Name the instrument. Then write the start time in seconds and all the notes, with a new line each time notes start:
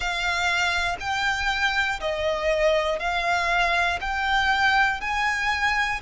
violin
0.00 F5
1.00 G5
2.00 D#5
2.99 F5
4.00 G5
5.00 G#5